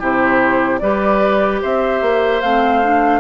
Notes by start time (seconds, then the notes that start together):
0.00 C3 E4 G4 C5
0.79 G3 G4 B4 D5
1.62 C4 C5 E5
2.02 A#3
2.42 A3 C4 F5
2.83 D4